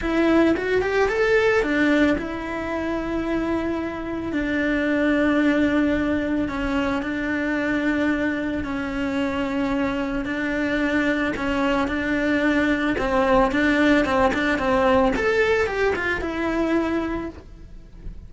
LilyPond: \new Staff \with { instrumentName = "cello" } { \time 4/4 \tempo 4 = 111 e'4 fis'8 g'8 a'4 d'4 | e'1 | d'1 | cis'4 d'2. |
cis'2. d'4~ | d'4 cis'4 d'2 | c'4 d'4 c'8 d'8 c'4 | a'4 g'8 f'8 e'2 | }